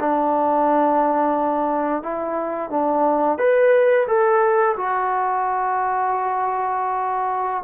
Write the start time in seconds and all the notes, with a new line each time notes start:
0.00 D4
2.03 E4
2.71 D4
3.38 B4
4.08 A4
4.77 F#4